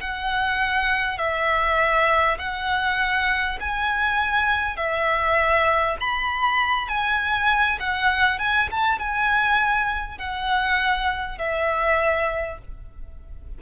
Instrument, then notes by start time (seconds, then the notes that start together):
violin
0.00 F#5
1.18 E5
2.39 F#5
3.61 G#5
4.77 E5
6.00 B5
6.88 G#5
7.80 F#5
8.39 G#5
8.71 A5
8.99 G#5
10.18 F#5
11.38 E5